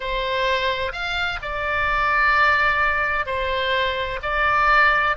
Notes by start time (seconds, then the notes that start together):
0.00 C5
0.92 F5
1.41 D5
3.26 C5
4.22 D5